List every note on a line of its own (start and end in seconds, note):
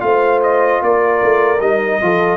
0.00 0.81 A3
0.00 1.58 F4
0.00 0.84 C5
0.00 0.40 F5
0.43 0.83 D#5
0.82 1.22 A#3
0.82 2.02 A#4
0.82 1.61 D5
1.22 1.60 A3
1.60 1.99 G3
1.60 2.01 D#4
1.60 2.37 D#5
2.02 2.37 F3
2.02 2.37 F4
2.02 2.37 A4